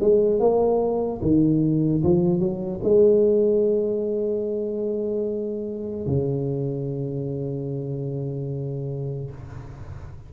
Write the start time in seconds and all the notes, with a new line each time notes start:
0.00 G#3
0.39 A#3
1.21 D#3
2.03 F3
2.39 F#3
2.83 G#3
6.06 C#3